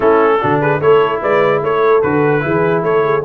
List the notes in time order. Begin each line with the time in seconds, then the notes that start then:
0.00 A3 C#4 E4 A4
0.39 D3 D4 F#4
0.60 G#4 B4
0.79 A3 E4 A4 C#5
1.21 G#3 B4 D5
1.62 A3 A4 C#5
2.02 D3 F#4 B4
2.41 E3 E4 G#4
2.83 A3 A4 C#5
3.03 G#4